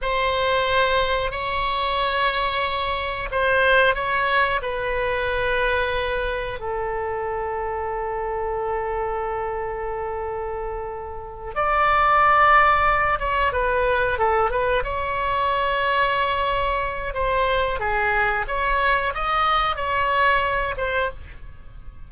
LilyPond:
\new Staff \with { instrumentName = "oboe" } { \time 4/4 \tempo 4 = 91 c''2 cis''2~ | cis''4 c''4 cis''4 b'4~ | b'2 a'2~ | a'1~ |
a'4. d''2~ d''8 | cis''8 b'4 a'8 b'8 cis''4.~ | cis''2 c''4 gis'4 | cis''4 dis''4 cis''4. c''8 | }